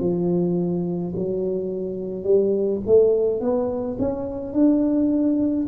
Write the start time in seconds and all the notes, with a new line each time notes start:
0.00 F3
1.16 F#3
2.24 G3
2.87 A3
3.41 B3
3.99 C#4
4.53 D4